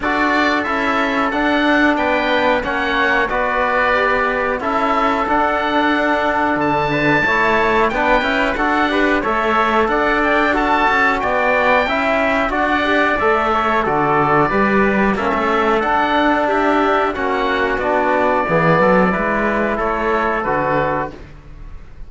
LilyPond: <<
  \new Staff \with { instrumentName = "oboe" } { \time 4/4 \tempo 4 = 91 d''4 e''4 fis''4 g''4 | fis''4 d''2 e''4 | fis''2 a''2 | g''4 fis''4 e''4 fis''8 g''8 |
a''4 g''2 fis''4 | e''4 d''2 e''4 | fis''4 e''4 fis''4 d''4~ | d''2 cis''4 b'4 | }
  \new Staff \with { instrumentName = "trumpet" } { \time 4/4 a'2. b'4 | cis''4 b'2 a'4~ | a'2~ a'8 b'8 cis''4 | b'4 a'8 b'8 cis''4 d''4 |
a'4 d''4 e''4 d''4~ | d''8 cis''8 a'4 b'4 a'4~ | a'4 g'4 fis'2 | gis'8 a'8 b'4 a'2 | }
  \new Staff \with { instrumentName = "trombone" } { \time 4/4 fis'4 e'4 d'2 | cis'4 fis'4 g'4 e'4 | d'2. e'4 | d'8 e'8 fis'8 g'8 a'2 |
fis'2 e'4 fis'8 g'8 | a'4 fis'4 g'4 cis'4 | d'2 cis'4 d'4 | b4 e'2 fis'4 | }
  \new Staff \with { instrumentName = "cello" } { \time 4/4 d'4 cis'4 d'4 b4 | ais4 b2 cis'4 | d'2 d4 a4 | b8 cis'8 d'4 a4 d'4~ |
d'8 cis'8 b4 cis'4 d'4 | a4 d4 g4 ais16 a8. | d'2 ais4 b4 | e8 fis8 gis4 a4 d4 | }
>>